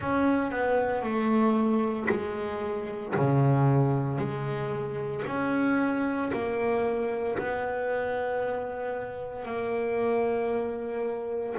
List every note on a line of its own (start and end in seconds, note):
0.00 0.51 C#4
0.51 1.02 B3
1.02 2.07 A3
2.09 3.14 G#3
3.16 4.18 C#3
4.18 5.23 G#3
5.26 6.31 C#4
6.33 7.38 A#3
7.38 9.44 B3
9.44 11.55 A#3